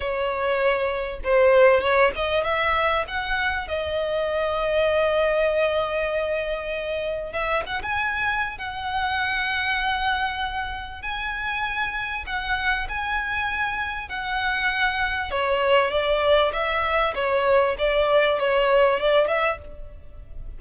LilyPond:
\new Staff \with { instrumentName = "violin" } { \time 4/4 \tempo 4 = 98 cis''2 c''4 cis''8 dis''8 | e''4 fis''4 dis''2~ | dis''1 | e''8 fis''16 gis''4~ gis''16 fis''2~ |
fis''2 gis''2 | fis''4 gis''2 fis''4~ | fis''4 cis''4 d''4 e''4 | cis''4 d''4 cis''4 d''8 e''8 | }